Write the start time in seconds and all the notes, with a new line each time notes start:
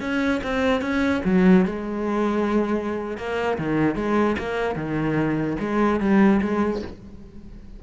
0.00 C#4
0.43 C4
0.81 C#4
1.24 F#3
1.65 G#3
3.17 A#3
3.58 D#3
3.95 G#3
4.38 A#3
4.75 D#3
5.59 G#3
6.00 G3
6.41 G#3